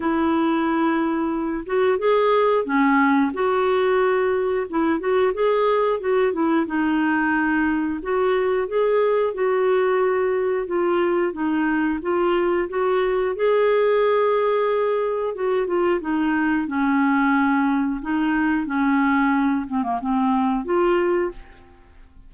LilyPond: \new Staff \with { instrumentName = "clarinet" } { \time 4/4 \tempo 4 = 90 e'2~ e'8 fis'8 gis'4 | cis'4 fis'2 e'8 fis'8 | gis'4 fis'8 e'8 dis'2 | fis'4 gis'4 fis'2 |
f'4 dis'4 f'4 fis'4 | gis'2. fis'8 f'8 | dis'4 cis'2 dis'4 | cis'4. c'16 ais16 c'4 f'4 | }